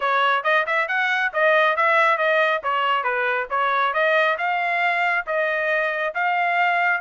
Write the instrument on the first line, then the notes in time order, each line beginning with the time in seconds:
trumpet
0.00 C#5
0.43 D#5
0.66 E5
0.88 F#5
1.33 D#5
1.76 E5
2.17 D#5
2.63 C#5
3.03 B4
3.50 C#5
3.93 D#5
4.38 F5
5.26 D#5
6.14 F5